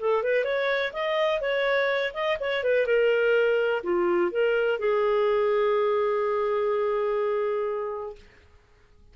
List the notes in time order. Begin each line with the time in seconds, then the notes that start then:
0.00 A4
0.23 B4
0.45 C#5
0.93 D#5
1.41 C#5
2.14 D#5
2.40 C#5
2.64 B4
2.87 A#4
3.84 F4
4.32 A#4
4.80 G#4